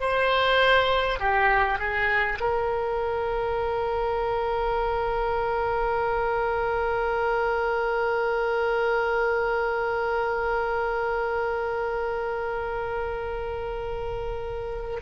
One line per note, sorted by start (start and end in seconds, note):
0.00 1.19 C5
1.19 1.78 G4
1.78 2.38 G#4
2.40 15.00 A#4